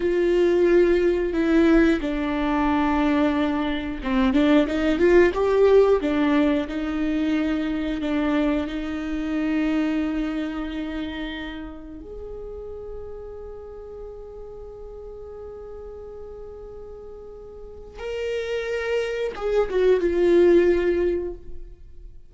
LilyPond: \new Staff \with { instrumentName = "viola" } { \time 4/4 \tempo 4 = 90 f'2 e'4 d'4~ | d'2 c'8 d'8 dis'8 f'8 | g'4 d'4 dis'2 | d'4 dis'2.~ |
dis'2 gis'2~ | gis'1~ | gis'2. ais'4~ | ais'4 gis'8 fis'8 f'2 | }